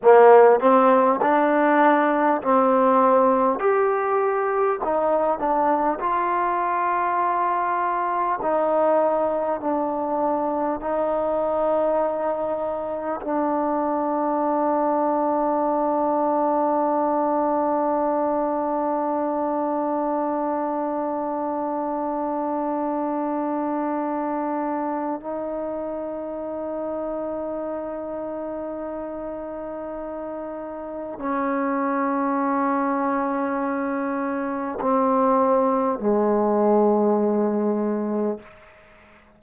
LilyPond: \new Staff \with { instrumentName = "trombone" } { \time 4/4 \tempo 4 = 50 ais8 c'8 d'4 c'4 g'4 | dis'8 d'8 f'2 dis'4 | d'4 dis'2 d'4~ | d'1~ |
d'1~ | d'4 dis'2.~ | dis'2 cis'2~ | cis'4 c'4 gis2 | }